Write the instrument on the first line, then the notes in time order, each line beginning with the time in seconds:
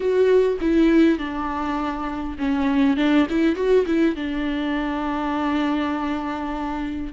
viola
0.00 F#4
0.60 E4
1.18 D4
2.38 C#4
2.96 D4
3.29 E4
3.55 F#4
3.86 E4
4.15 D4